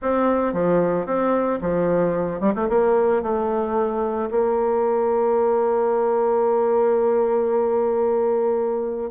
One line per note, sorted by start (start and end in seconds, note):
0.01 0.53 C4
0.53 1.06 F3
1.06 1.59 C4
1.61 2.40 F3
2.40 2.53 G3
2.55 2.68 A3
2.69 3.22 A#3
3.22 4.29 A3
4.30 9.10 A#3